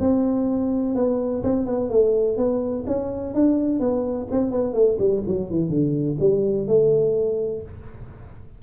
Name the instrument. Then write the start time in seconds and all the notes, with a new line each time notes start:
tuba
0.00 C4
0.95 B3
1.43 C4
1.66 B3
1.90 A3
2.37 B3
2.87 C#4
3.34 D4
3.80 B3
4.31 C4
4.51 B3
4.73 A3
4.99 G3
5.27 F#3
5.50 E3
5.69 D3
6.20 G3
6.67 A3